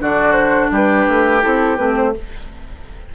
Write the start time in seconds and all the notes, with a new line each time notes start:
0.00 D3 D4 F#4 D5
0.33 C5
0.71 G3 G4 B4
1.08 A3
1.42 C4 E4 A4
1.76 A3 C4 B4
1.96 C5